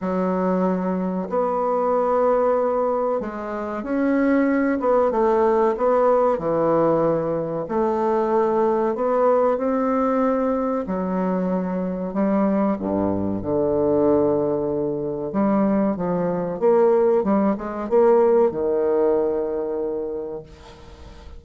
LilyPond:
\new Staff \with { instrumentName = "bassoon" } { \time 4/4 \tempo 4 = 94 fis2 b2~ | b4 gis4 cis'4. b8 | a4 b4 e2 | a2 b4 c'4~ |
c'4 fis2 g4 | g,4 d2. | g4 f4 ais4 g8 gis8 | ais4 dis2. | }